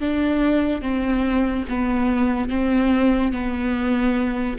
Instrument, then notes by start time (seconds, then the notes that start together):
viola
0.00 D4
0.81 C4
1.69 B3
2.49 C4
3.33 B3